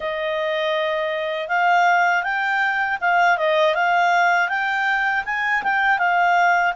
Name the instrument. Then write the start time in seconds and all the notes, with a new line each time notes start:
clarinet
0.00 D#5
1.48 F5
2.23 G5
3.00 F5
3.37 D#5
3.74 F5
4.49 G5
5.25 G#5
5.62 G5
5.98 F5